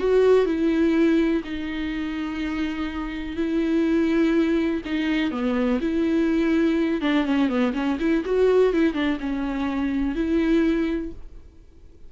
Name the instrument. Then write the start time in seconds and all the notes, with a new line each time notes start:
viola
0.00 F#4
0.46 E4
1.44 D#4
3.36 E4
4.85 D#4
5.31 B3
5.81 E4
7.02 D4
7.25 C#4
7.49 B3
7.74 C#4
8.00 E4
8.25 F#4
8.73 E4
8.94 D4
9.20 C#4
10.15 E4